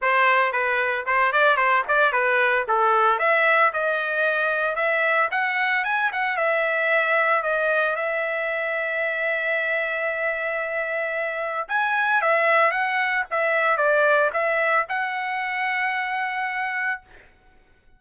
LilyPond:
\new Staff \with { instrumentName = "trumpet" } { \time 4/4 \tempo 4 = 113 c''4 b'4 c''8 d''8 c''8 d''8 | b'4 a'4 e''4 dis''4~ | dis''4 e''4 fis''4 gis''8 fis''8 | e''2 dis''4 e''4~ |
e''1~ | e''2 gis''4 e''4 | fis''4 e''4 d''4 e''4 | fis''1 | }